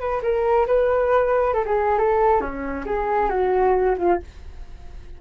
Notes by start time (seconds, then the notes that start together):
0.00 B4
0.23 A#4
0.67 B4
1.54 A4
1.66 G#4
1.99 A4
2.41 C#4
2.86 G#4
3.30 F#4
3.98 F4